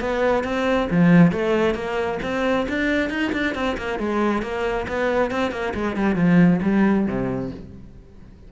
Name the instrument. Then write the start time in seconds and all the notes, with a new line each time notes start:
cello
0.00 B3
0.44 C4
0.90 F3
1.32 A3
1.74 A#3
2.23 C4
2.69 D4
3.09 D#4
3.32 D4
3.54 C4
3.77 A#3
3.99 G#3
4.42 A#3
4.88 B3
5.31 C4
5.51 A#3
5.74 G#3
5.96 G3
6.15 F3
6.62 G3
7.06 C3